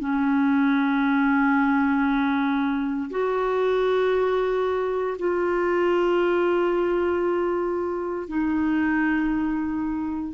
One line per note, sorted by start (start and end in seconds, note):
0.00 3.10 C#4
3.11 5.18 F#4
5.19 8.29 F4
8.29 10.34 D#4